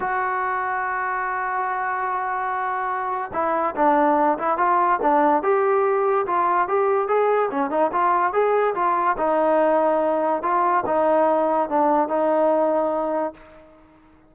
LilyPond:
\new Staff \with { instrumentName = "trombone" } { \time 4/4 \tempo 4 = 144 fis'1~ | fis'1 | e'4 d'4. e'8 f'4 | d'4 g'2 f'4 |
g'4 gis'4 cis'8 dis'8 f'4 | gis'4 f'4 dis'2~ | dis'4 f'4 dis'2 | d'4 dis'2. | }